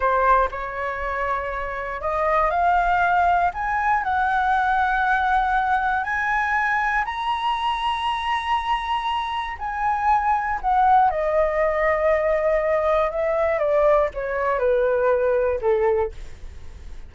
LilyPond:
\new Staff \with { instrumentName = "flute" } { \time 4/4 \tempo 4 = 119 c''4 cis''2. | dis''4 f''2 gis''4 | fis''1 | gis''2 ais''2~ |
ais''2. gis''4~ | gis''4 fis''4 dis''2~ | dis''2 e''4 d''4 | cis''4 b'2 a'4 | }